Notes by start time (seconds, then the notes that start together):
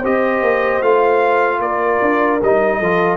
0.00 C4 G4 C5 D#5
0.42 A#3
0.82 A3 F4 F5
1.60 A#3 A#4 D5
2.02 D4
2.43 G3 D#4 D#5
2.79 F3 F4 A4